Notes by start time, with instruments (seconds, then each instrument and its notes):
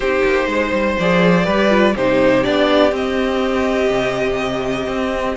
0.00 cello C4, viola D#4, violin G4 C5
0.24 cello A#3
0.47 cello G#3, violin C5
0.72 cello G3
0.99 cello F3, viola G#4, violin D5
1.44 cello G3, viola G4, violin B4
1.69 viola F4
1.95 cello C3, viola D#4, violin G4 C5
2.43 cello B3, viola D4, violin D5
2.90 viola C4, cello C4
2.96 violin D#5
3.90 cello C3
4.87 cello C4